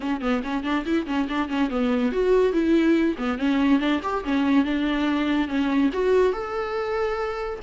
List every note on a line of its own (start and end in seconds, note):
0.00 0.21 C#4
0.21 0.42 B3
0.43 0.63 C#4
0.63 0.85 D4
0.85 1.06 E4
1.06 1.27 C#4
1.28 1.48 D4
1.48 1.70 C#4
1.70 2.12 B3
2.12 2.52 F#4
2.52 3.16 E4
3.18 3.38 B3
3.38 3.79 C#4
3.79 4.00 D4
4.02 4.23 G4
4.24 4.64 C#4
4.64 5.48 D4
5.48 5.90 C#4
5.93 6.32 F#4
6.32 7.59 A4